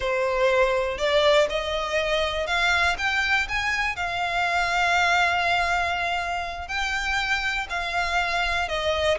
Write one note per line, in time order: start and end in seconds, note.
0.00 0.98 C5
0.98 1.47 D5
1.49 2.46 D#5
2.46 2.96 F5
2.98 3.47 G5
3.48 3.96 G#5
3.96 6.68 F5
6.68 7.67 G5
7.69 8.68 F5
8.68 9.18 D#5